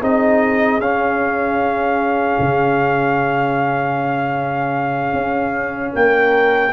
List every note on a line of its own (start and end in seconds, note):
0.00 0.79 C4
0.00 0.81 D#4
0.00 5.92 G#4
0.00 0.80 D#5
0.79 2.37 C#4
0.79 6.73 C#4
0.79 5.94 F5
2.39 5.13 C#3
5.13 5.92 C#4
5.93 6.73 A#3
5.93 6.72 A#4
5.93 6.73 G5